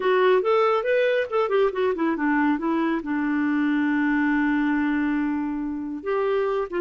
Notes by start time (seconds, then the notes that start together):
0.00 F#4
0.41 A4
0.83 B4
1.30 A4
1.49 G4
1.72 F#4
1.95 E4
2.16 D4
2.58 E4
3.02 D4
6.03 G4
6.70 F4